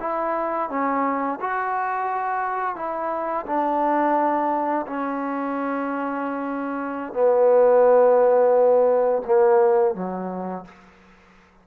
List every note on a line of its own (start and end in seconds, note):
0.00 0.69 E4
0.69 1.39 C#4
1.40 2.76 F#4
2.76 3.45 E4
3.46 4.86 D4
4.86 7.13 C#4
7.13 9.22 B3
9.25 9.95 A#3
9.95 10.65 F#3